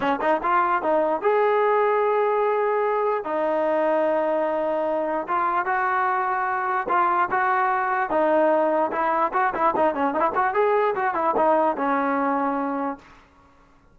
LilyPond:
\new Staff \with { instrumentName = "trombone" } { \time 4/4 \tempo 4 = 148 cis'8 dis'8 f'4 dis'4 gis'4~ | gis'1 | dis'1~ | dis'4 f'4 fis'2~ |
fis'4 f'4 fis'2 | dis'2 e'4 fis'8 e'8 | dis'8 cis'8 dis'16 e'16 fis'8 gis'4 fis'8 e'8 | dis'4 cis'2. | }